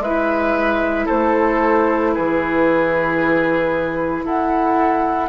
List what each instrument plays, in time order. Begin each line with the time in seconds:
0.00 bassoon G#3, clarinet E4, oboe B4, flute E5
1.05 bassoon A3, oboe A4, flute C5
2.14 bassoon E3, oboe G#4, flute B4
4.24 bassoon E4, oboe A4, flute F#5